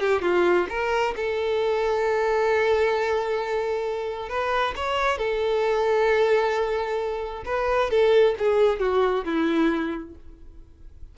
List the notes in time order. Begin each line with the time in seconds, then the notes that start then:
0.00 G4
0.22 F4
0.69 A#4
1.16 A4
4.29 B4
4.76 C#5
5.18 A4
7.45 B4
7.90 A4
8.38 G#4
8.80 F#4
9.25 E4